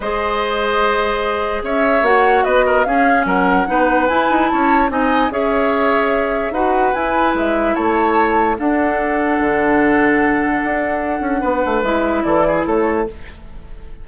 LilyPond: <<
  \new Staff \with { instrumentName = "flute" } { \time 4/4 \tempo 4 = 147 dis''1 | e''4 fis''4 dis''4 f''4 | fis''2 gis''4 a''4 | gis''4 e''2. |
fis''4 gis''4 e''4 a''4~ | a''4 fis''2.~ | fis''1~ | fis''4 e''4 d''4 cis''4 | }
  \new Staff \with { instrumentName = "oboe" } { \time 4/4 c''1 | cis''2 b'8 ais'8 gis'4 | ais'4 b'2 cis''4 | dis''4 cis''2. |
b'2. cis''4~ | cis''4 a'2.~ | a'1 | b'2 a'8 gis'8 a'4 | }
  \new Staff \with { instrumentName = "clarinet" } { \time 4/4 gis'1~ | gis'4 fis'2 cis'4~ | cis'4 dis'4 e'2 | dis'4 gis'2. |
fis'4 e'2.~ | e'4 d'2.~ | d'1~ | d'4 e'2. | }
  \new Staff \with { instrumentName = "bassoon" } { \time 4/4 gis1 | cis'4 ais4 b4 cis'4 | fis4 b4 e'8 dis'8 cis'4 | c'4 cis'2. |
dis'4 e'4 gis4 a4~ | a4 d'2 d4~ | d2 d'4. cis'8 | b8 a8 gis4 e4 a4 | }
>>